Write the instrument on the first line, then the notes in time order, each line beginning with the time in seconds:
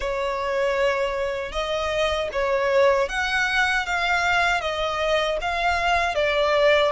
violin
0.00 C#5
1.51 D#5
2.32 C#5
3.08 F#5
3.86 F5
4.60 D#5
5.41 F5
6.14 D5